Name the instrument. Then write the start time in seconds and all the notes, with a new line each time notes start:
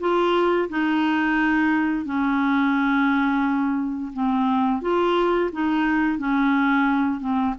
clarinet
0.00 F4
0.70 D#4
2.06 C#4
4.13 C4
4.82 F4
5.53 D#4
6.18 C#4
7.20 C4